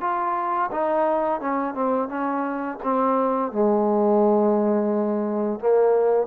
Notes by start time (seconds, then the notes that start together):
0.00 F4
0.71 D#4
1.40 C#4
1.74 C4
2.08 C#4
2.83 C4
3.51 G#3
5.59 A#3